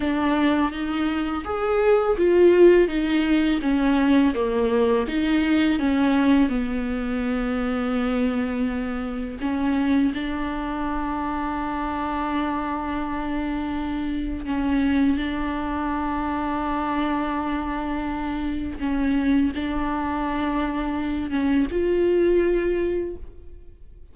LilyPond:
\new Staff \with { instrumentName = "viola" } { \time 4/4 \tempo 4 = 83 d'4 dis'4 gis'4 f'4 | dis'4 cis'4 ais4 dis'4 | cis'4 b2.~ | b4 cis'4 d'2~ |
d'1 | cis'4 d'2.~ | d'2 cis'4 d'4~ | d'4. cis'8 f'2 | }